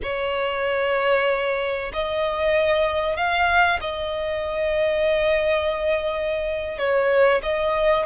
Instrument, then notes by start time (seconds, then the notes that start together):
violin
0.02 C#5
1.93 D#5
3.16 F5
3.80 D#5
6.78 C#5
7.42 D#5